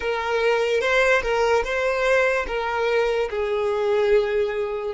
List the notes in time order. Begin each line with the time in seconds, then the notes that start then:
0.00 A#4
0.80 C5
1.22 A#4
1.64 C5
2.47 A#4
3.30 G#4